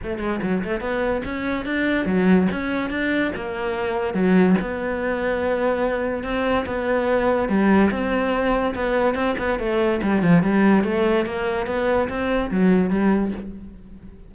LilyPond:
\new Staff \with { instrumentName = "cello" } { \time 4/4 \tempo 4 = 144 a8 gis8 fis8 a8 b4 cis'4 | d'4 fis4 cis'4 d'4 | ais2 fis4 b4~ | b2. c'4 |
b2 g4 c'4~ | c'4 b4 c'8 b8 a4 | g8 f8 g4 a4 ais4 | b4 c'4 fis4 g4 | }